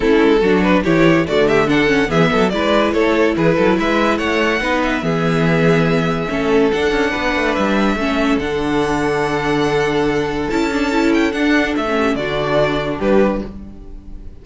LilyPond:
<<
  \new Staff \with { instrumentName = "violin" } { \time 4/4 \tempo 4 = 143 a'4. b'8 cis''4 d''8 e''8 | fis''4 e''4 d''4 cis''4 | b'4 e''4 fis''4. e''8~ | e''1 |
fis''2 e''2 | fis''1~ | fis''4 a''4. g''8 fis''4 | e''4 d''2 b'4 | }
  \new Staff \with { instrumentName = "violin" } { \time 4/4 e'4 fis'4 g'4 fis'8 g'8 | a'4 gis'8 a'8 b'4 a'4 | gis'8 a'8 b'4 cis''4 b'4 | gis'2. a'4~ |
a'4 b'2 a'4~ | a'1~ | a'1~ | a'8 g'8 fis'2 g'4 | }
  \new Staff \with { instrumentName = "viola" } { \time 4/4 cis'4 d'4 e'4 a4 | d'8 cis'8 b4 e'2~ | e'2. dis'4 | b2. cis'4 |
d'2. cis'4 | d'1~ | d'4 e'8 d'8 e'4 d'4~ | d'16 cis'8. d'2. | }
  \new Staff \with { instrumentName = "cello" } { \time 4/4 a8 gis8 fis4 e4 d4~ | d4 e8 fis8 gis4 a4 | e8 fis8 gis4 a4 b4 | e2. a4 |
d'8 cis'8 b8 a8 g4 a4 | d1~ | d4 cis'2 d'4 | a4 d2 g4 | }
>>